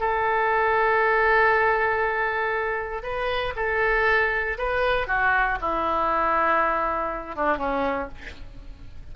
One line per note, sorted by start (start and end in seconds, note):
0.00 3.03 A4
3.03 3.54 B4
3.56 4.57 A4
4.58 5.07 B4
5.07 5.58 F#4
5.60 7.36 E4
7.36 7.57 D4
7.57 8.08 C#4